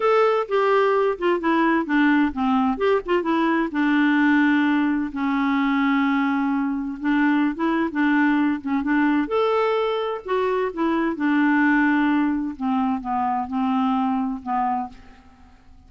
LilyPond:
\new Staff \with { instrumentName = "clarinet" } { \time 4/4 \tempo 4 = 129 a'4 g'4. f'8 e'4 | d'4 c'4 g'8 f'8 e'4 | d'2. cis'4~ | cis'2. d'4~ |
d'16 e'8. d'4. cis'8 d'4 | a'2 fis'4 e'4 | d'2. c'4 | b4 c'2 b4 | }